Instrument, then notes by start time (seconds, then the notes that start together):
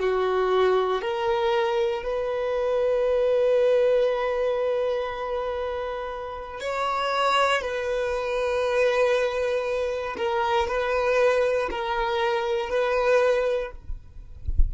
violin
0.00 F#4
1.02 A#4
2.03 B4
6.61 C#5
7.62 B4
10.17 A#4
10.68 B4
11.71 A#4
12.70 B4